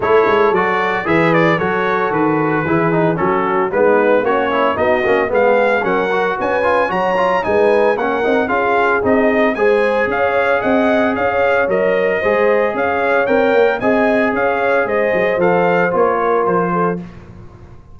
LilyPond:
<<
  \new Staff \with { instrumentName = "trumpet" } { \time 4/4 \tempo 4 = 113 cis''4 d''4 e''8 d''8 cis''4 | b'2 a'4 b'4 | cis''4 dis''4 f''4 fis''4 | gis''4 ais''4 gis''4 fis''4 |
f''4 dis''4 gis''4 f''4 | fis''4 f''4 dis''2 | f''4 g''4 gis''4 f''4 | dis''4 f''4 cis''4 c''4 | }
  \new Staff \with { instrumentName = "horn" } { \time 4/4 a'2 b'4 a'4~ | a'4 gis'4 fis'4 dis'4 | cis'4 fis'4 gis'4 ais'4 | b'4 cis''4 b'4 ais'4 |
gis'2 c''4 cis''4 | dis''4 cis''2 c''4 | cis''2 dis''4 cis''4 | c''2~ c''8 ais'4 a'8 | }
  \new Staff \with { instrumentName = "trombone" } { \time 4/4 e'4 fis'4 gis'4 fis'4~ | fis'4 e'8 dis'8 cis'4 b4 | fis'8 e'8 dis'8 cis'8 b4 cis'8 fis'8~ | fis'8 f'8 fis'8 f'8 dis'4 cis'8 dis'8 |
f'4 dis'4 gis'2~ | gis'2 ais'4 gis'4~ | gis'4 ais'4 gis'2~ | gis'4 a'4 f'2 | }
  \new Staff \with { instrumentName = "tuba" } { \time 4/4 a8 gis8 fis4 e4 fis4 | dis4 e4 fis4 gis4 | ais4 b8 ais8 gis4 fis4 | cis'4 fis4 gis4 ais8 c'8 |
cis'4 c'4 gis4 cis'4 | c'4 cis'4 fis4 gis4 | cis'4 c'8 ais8 c'4 cis'4 | gis8 fis8 f4 ais4 f4 | }
>>